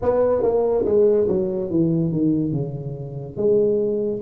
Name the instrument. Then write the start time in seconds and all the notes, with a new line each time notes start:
tuba
0.02 B3
0.42 A#3
0.85 G#3
1.28 F#3
1.70 E3
2.12 D#3
2.52 C#3
3.36 G#3